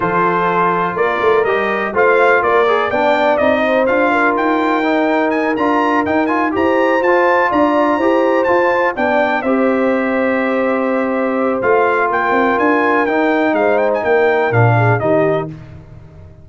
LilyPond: <<
  \new Staff \with { instrumentName = "trumpet" } { \time 4/4 \tempo 4 = 124 c''2 d''4 dis''4 | f''4 d''4 g''4 dis''4 | f''4 g''2 gis''8 ais''8~ | ais''8 g''8 gis''8 ais''4 a''4 ais''8~ |
ais''4. a''4 g''4 e''8~ | e''1 | f''4 g''4 gis''4 g''4 | f''8 g''16 gis''16 g''4 f''4 dis''4 | }
  \new Staff \with { instrumentName = "horn" } { \time 4/4 a'2 ais'2 | c''4 ais'4 d''4. c''8~ | c''8 ais'2.~ ais'8~ | ais'4. c''2 d''8~ |
d''8 c''2 d''4 c''8~ | c''1~ | c''4 ais'2. | c''4 ais'4. gis'8 g'4 | }
  \new Staff \with { instrumentName = "trombone" } { \time 4/4 f'2. g'4 | f'4. gis'8 d'4 dis'4 | f'2 dis'4. f'8~ | f'8 dis'8 f'8 g'4 f'4.~ |
f'8 g'4 f'4 d'4 g'8~ | g'1 | f'2. dis'4~ | dis'2 d'4 dis'4 | }
  \new Staff \with { instrumentName = "tuba" } { \time 4/4 f2 ais8 a8 g4 | a4 ais4 b4 c'4 | d'4 dis'2~ dis'8 d'8~ | d'8 dis'4 e'4 f'4 d'8~ |
d'8 e'4 f'4 b4 c'8~ | c'1 | a4 ais8 c'8 d'4 dis'4 | gis4 ais4 ais,4 dis4 | }
>>